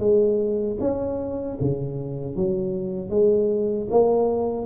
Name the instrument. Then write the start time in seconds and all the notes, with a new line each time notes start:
tuba
0.00 G#3
0.80 C#4
1.61 C#3
2.36 F#3
3.10 G#3
3.91 A#3